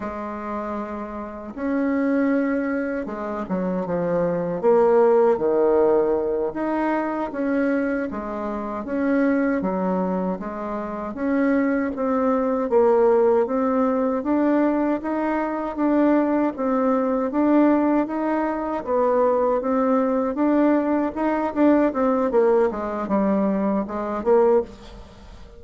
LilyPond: \new Staff \with { instrumentName = "bassoon" } { \time 4/4 \tempo 4 = 78 gis2 cis'2 | gis8 fis8 f4 ais4 dis4~ | dis8 dis'4 cis'4 gis4 cis'8~ | cis'8 fis4 gis4 cis'4 c'8~ |
c'8 ais4 c'4 d'4 dis'8~ | dis'8 d'4 c'4 d'4 dis'8~ | dis'8 b4 c'4 d'4 dis'8 | d'8 c'8 ais8 gis8 g4 gis8 ais8 | }